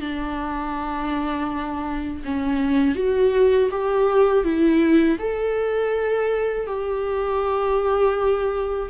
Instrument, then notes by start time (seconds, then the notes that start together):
viola
0.00 D4
2.25 C#4
2.95 F#4
3.71 G4
4.43 E4
5.19 A4
6.66 G4